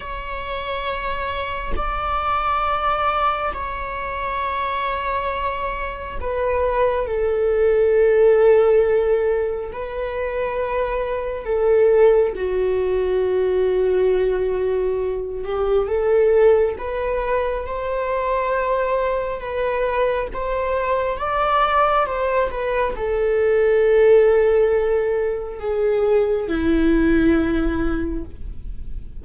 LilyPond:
\new Staff \with { instrumentName = "viola" } { \time 4/4 \tempo 4 = 68 cis''2 d''2 | cis''2. b'4 | a'2. b'4~ | b'4 a'4 fis'2~ |
fis'4. g'8 a'4 b'4 | c''2 b'4 c''4 | d''4 c''8 b'8 a'2~ | a'4 gis'4 e'2 | }